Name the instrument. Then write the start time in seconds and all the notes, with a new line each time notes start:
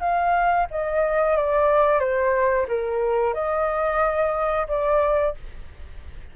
flute
0.00 F5
0.71 D#5
1.37 D5
2.00 C5
2.68 A#4
3.34 D#5
4.68 D5